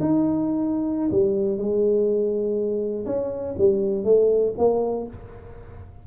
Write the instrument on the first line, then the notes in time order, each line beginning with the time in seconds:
tuba
0.00 D#4
1.11 G3
1.58 G#3
3.05 C#4
3.58 G3
4.04 A3
4.58 A#3